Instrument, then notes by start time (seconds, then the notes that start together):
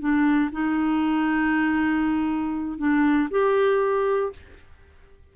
clarinet
0.00 D4
0.53 D#4
2.79 D4
3.31 G4